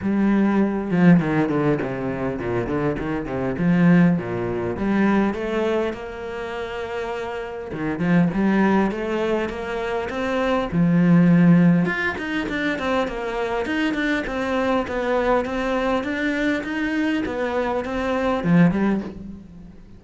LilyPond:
\new Staff \with { instrumentName = "cello" } { \time 4/4 \tempo 4 = 101 g4. f8 dis8 d8 c4 | ais,8 d8 dis8 c8 f4 ais,4 | g4 a4 ais2~ | ais4 dis8 f8 g4 a4 |
ais4 c'4 f2 | f'8 dis'8 d'8 c'8 ais4 dis'8 d'8 | c'4 b4 c'4 d'4 | dis'4 b4 c'4 f8 g8 | }